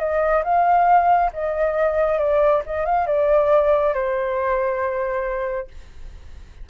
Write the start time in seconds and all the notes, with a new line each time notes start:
0.00 D#5
0.44 F5
1.33 D#5
2.19 D5
2.66 D#5
2.86 F5
3.07 D5
3.94 C5